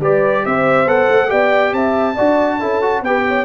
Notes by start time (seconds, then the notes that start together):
0.00 G3 G4 B4 D5
0.46 C4 C5 E5
0.85 B3 A4 F#5
1.10 A3
1.28 B3 G4 D5 G5
1.73 C4 E5 A5
2.15 D4 F#4 D5
2.59 C#4 E4 A4
2.81 F#4
3.01 B3 G4 B4 G5
3.27 C#5